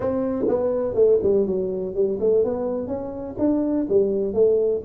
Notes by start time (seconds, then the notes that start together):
0.00 C4
0.48 B3
0.94 A3
1.22 G3
1.46 F#3
1.94 G3
2.20 A3
2.44 B3
2.87 C#4
3.38 D4
3.89 G3
4.33 A3